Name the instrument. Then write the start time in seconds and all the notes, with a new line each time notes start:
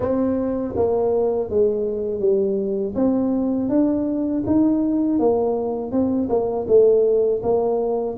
tuba
0.00 C4
0.76 A#3
1.49 G#3
2.20 G3
2.95 C4
3.69 D4
4.46 D#4
5.19 A#3
5.91 C4
6.29 A#3
6.67 A3
7.43 A#3